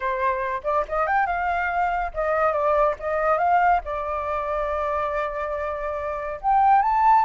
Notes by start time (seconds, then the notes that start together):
0.00 C5
0.63 D5
0.88 D#5
1.07 G5
1.26 F5
2.14 D#5
2.52 D5
2.99 D#5
3.38 F5
3.85 D5
6.41 G5
6.82 A5